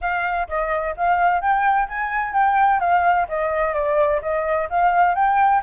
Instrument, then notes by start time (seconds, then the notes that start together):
flute
0.01 F5
0.48 D#5
0.97 F5
1.41 G5
1.88 G#5
2.33 G5
2.80 F5
3.28 D#5
3.74 D5
4.21 D#5
4.69 F5
5.15 G5